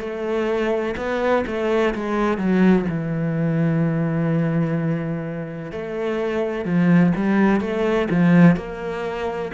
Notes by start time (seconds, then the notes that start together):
0.00 A3
0.97 B3
1.47 A3
1.95 G#3
2.38 F#3
2.90 E3
5.72 A3
6.65 F3
7.16 G3
7.61 A3
8.11 F3
8.57 A#3